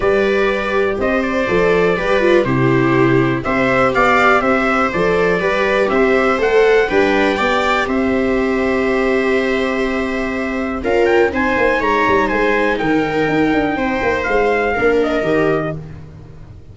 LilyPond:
<<
  \new Staff \with { instrumentName = "trumpet" } { \time 4/4 \tempo 4 = 122 d''2 dis''8 d''4.~ | d''4 c''2 e''4 | f''4 e''4 d''2 | e''4 fis''4 g''2 |
e''1~ | e''2 f''8 g''8 gis''4 | ais''4 gis''4 g''2~ | g''4 f''4. dis''4. | }
  \new Staff \with { instrumentName = "viola" } { \time 4/4 b'2 c''2 | b'4 g'2 c''4 | d''4 c''2 b'4 | c''2 b'4 d''4 |
c''1~ | c''2 ais'4 c''4 | cis''4 c''4 ais'2 | c''2 ais'2 | }
  \new Staff \with { instrumentName = "viola" } { \time 4/4 g'2. a'4 | g'8 f'8 e'2 g'4~ | g'2 a'4 g'4~ | g'4 a'4 d'4 g'4~ |
g'1~ | g'2 f'4 dis'4~ | dis'1~ | dis'2 d'4 g'4 | }
  \new Staff \with { instrumentName = "tuba" } { \time 4/4 g2 c'4 f4 | g4 c2 c'4 | b4 c'4 f4 g4 | c'4 a4 g4 b4 |
c'1~ | c'2 cis'4 c'8 ais8 | gis8 g8 gis4 dis4 dis'8 d'8 | c'8 ais8 gis4 ais4 dis4 | }
>>